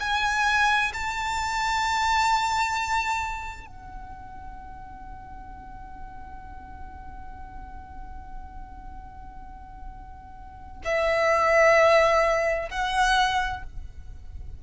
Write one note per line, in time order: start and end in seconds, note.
0.00 0.92 G#5
0.94 3.67 A5
3.67 10.82 F#5
10.85 12.69 E5
12.71 13.63 F#5